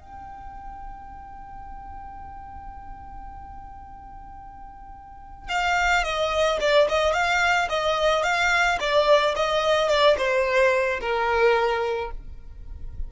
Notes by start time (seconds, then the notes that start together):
0.00 G5
5.49 F5
6.03 D#5
6.60 D5
6.89 D#5
7.13 F5
7.69 D#5
8.23 F5
8.80 D5
9.36 D#5
9.89 D5
10.17 C5
11.01 A#4